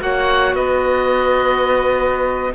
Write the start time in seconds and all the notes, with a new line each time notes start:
0.00 A#3 F#4 C#5 F#5
0.53 B3 B4 D#5